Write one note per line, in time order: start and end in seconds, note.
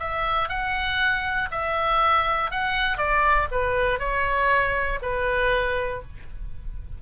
0.00 0.49 E5
0.49 1.49 F#5
1.51 2.51 E5
2.51 2.98 F#5
2.98 3.48 D5
3.51 4.00 B4
4.00 5.00 C#5
5.02 6.02 B4